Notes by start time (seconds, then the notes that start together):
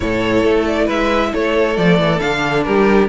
0.00 A2 E4 A4 C#5
0.43 A3
0.66 D5
0.85 G#3 B4 E5
1.32 A3 A4 C#5
1.76 F3 A3 D5
1.98 E3
2.19 D3 D4 F5
2.63 G3 G4 A#4